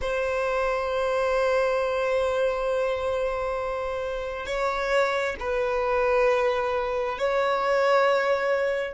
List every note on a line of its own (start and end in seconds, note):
0.01 4.46 C5
4.46 5.35 C#5
5.39 7.18 B4
7.18 8.93 C#5